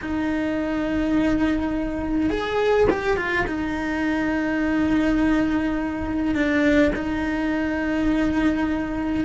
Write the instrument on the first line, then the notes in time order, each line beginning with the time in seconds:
cello
0.01 D#4
2.30 G#4
2.90 G4
3.16 F4
3.46 D#4
6.34 D4
6.95 D#4